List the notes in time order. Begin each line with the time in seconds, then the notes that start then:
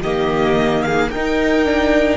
0.00 D#3 A#3 G4 D#5
0.83 G#4 F5
1.11 D#4 A#4 G5
1.66 D4